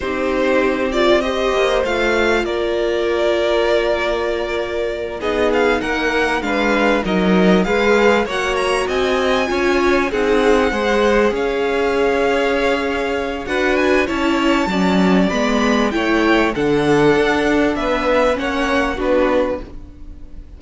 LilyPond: <<
  \new Staff \with { instrumentName = "violin" } { \time 4/4 \tempo 4 = 98 c''4. d''8 dis''4 f''4 | d''1~ | d''8 dis''8 f''8 fis''4 f''4 dis''8~ | dis''8 f''4 fis''8 ais''8 gis''4.~ |
gis''8 fis''2 f''4.~ | f''2 fis''8 gis''8 a''4~ | a''4 b''4 g''4 fis''4~ | fis''4 e''4 fis''4 b'4 | }
  \new Staff \with { instrumentName = "violin" } { \time 4/4 g'2 c''2 | ais'1~ | ais'8 gis'4 ais'4 b'4 ais'8~ | ais'8 b'4 cis''4 dis''4 cis''8~ |
cis''8 gis'4 c''4 cis''4.~ | cis''2 b'4 cis''4 | d''2 cis''4 a'4~ | a'4 b'4 cis''4 fis'4 | }
  \new Staff \with { instrumentName = "viola" } { \time 4/4 dis'4. f'8 g'4 f'4~ | f'1~ | f'8 dis'2 d'4 dis'8~ | dis'8 gis'4 fis'2 f'8~ |
f'8 dis'4 gis'2~ gis'8~ | gis'2 fis'4 e'4 | cis'4 b4 e'4 d'4~ | d'2 cis'4 d'4 | }
  \new Staff \with { instrumentName = "cello" } { \time 4/4 c'2~ c'8 ais8 a4 | ais1~ | ais8 b4 ais4 gis4 fis8~ | fis8 gis4 ais4 c'4 cis'8~ |
cis'8 c'4 gis4 cis'4.~ | cis'2 d'4 cis'4 | fis4 gis4 a4 d4 | d'4 b4 ais4 b4 | }
>>